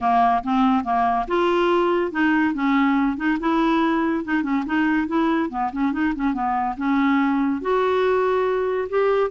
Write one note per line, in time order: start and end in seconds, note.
0.01 0.43 A#3
0.43 0.83 C4
0.83 1.26 A#3
1.27 2.11 F4
2.11 2.54 D#4
2.54 3.16 C#4
3.16 3.37 D#4
3.39 4.24 E4
4.24 4.43 D#4
4.43 4.64 C#4
4.66 5.07 D#4
5.07 5.49 E4
5.49 5.70 B3
5.72 5.92 C#4
5.92 6.13 D#4
6.15 6.33 C#4
6.33 6.75 B3
6.77 7.61 C#4
7.61 8.88 F#4
8.89 9.30 G4